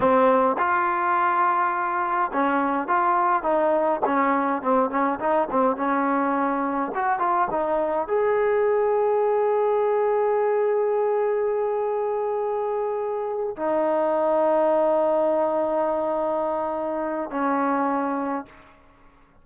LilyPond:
\new Staff \with { instrumentName = "trombone" } { \time 4/4 \tempo 4 = 104 c'4 f'2. | cis'4 f'4 dis'4 cis'4 | c'8 cis'8 dis'8 c'8 cis'2 | fis'8 f'8 dis'4 gis'2~ |
gis'1~ | gis'2.~ gis'8 dis'8~ | dis'1~ | dis'2 cis'2 | }